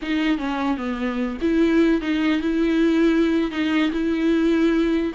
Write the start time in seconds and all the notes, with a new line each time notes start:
0.02 D#4
0.38 C#4
0.77 B3
1.41 E4
2.01 D#4
2.41 E4
3.51 D#4
3.91 E4